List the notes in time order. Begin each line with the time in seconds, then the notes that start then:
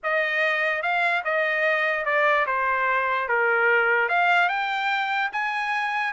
0.03 D#5
0.82 F5
1.24 D#5
2.05 D5
2.46 C5
3.28 A#4
4.08 F5
4.48 G5
5.32 G#5